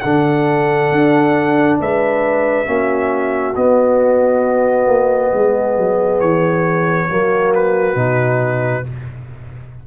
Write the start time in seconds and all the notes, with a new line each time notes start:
0.00 D3 D4 A4 F#5
0.92 D4
1.81 G#3 B4 E5
2.66 A#3 C#4 F#4
3.56 B3 D#5
4.87 A#3
5.34 G#3 G#4
5.78 F#3
6.21 E3 C#5
7.09 F#3 A#3 F#4
7.55 B4
7.96 B2 D#4